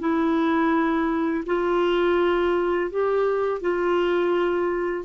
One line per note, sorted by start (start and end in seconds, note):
0.00 1.45 E4
1.47 2.91 F4
2.91 3.61 G4
3.61 5.05 F4